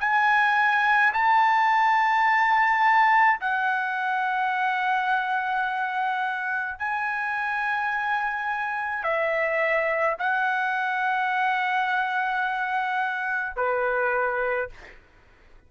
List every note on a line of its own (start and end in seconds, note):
0.00 1.13 G#5
1.13 3.40 A5
3.41 6.79 F#5
6.79 9.04 G#5
9.04 10.17 E5
10.19 13.56 F#5
13.56 14.70 B4